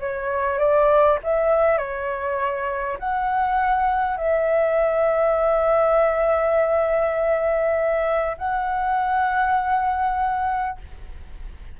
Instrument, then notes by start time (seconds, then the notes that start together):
flute
0.00 C#5
0.59 D5
1.24 E5
1.78 C#5
2.99 F#5
4.17 E5
8.38 F#5